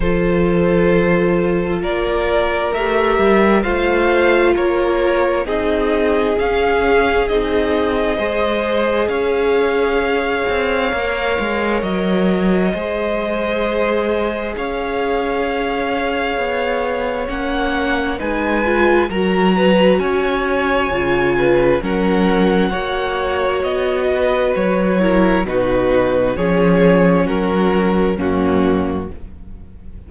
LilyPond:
<<
  \new Staff \with { instrumentName = "violin" } { \time 4/4 \tempo 4 = 66 c''2 d''4 e''4 | f''4 cis''4 dis''4 f''4 | dis''2 f''2~ | f''4 dis''2. |
f''2. fis''4 | gis''4 ais''4 gis''2 | fis''2 dis''4 cis''4 | b'4 cis''4 ais'4 fis'4 | }
  \new Staff \with { instrumentName = "violin" } { \time 4/4 a'2 ais'2 | c''4 ais'4 gis'2~ | gis'4 c''4 cis''2~ | cis''2 c''2 |
cis''1 | b'4 ais'8 b'8 cis''4. b'8 | ais'4 cis''4. b'4 ais'8 | fis'4 gis'4 fis'4 cis'4 | }
  \new Staff \with { instrumentName = "viola" } { \time 4/4 f'2. g'4 | f'2 dis'4 cis'4 | dis'4 gis'2. | ais'2 gis'2~ |
gis'2. cis'4 | dis'8 f'8 fis'2 f'4 | cis'4 fis'2~ fis'8 e'8 | dis'4 cis'2 ais4 | }
  \new Staff \with { instrumentName = "cello" } { \time 4/4 f2 ais4 a8 g8 | a4 ais4 c'4 cis'4 | c'4 gis4 cis'4. c'8 | ais8 gis8 fis4 gis2 |
cis'2 b4 ais4 | gis4 fis4 cis'4 cis4 | fis4 ais4 b4 fis4 | b,4 f4 fis4 fis,4 | }
>>